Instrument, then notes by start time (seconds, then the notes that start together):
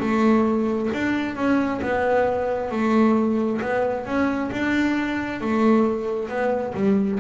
double bass
0.00 A3
0.94 D4
1.36 C#4
1.82 B3
2.72 A3
3.62 B3
4.06 C#4
4.52 D4
5.41 A3
6.29 B3
6.75 G3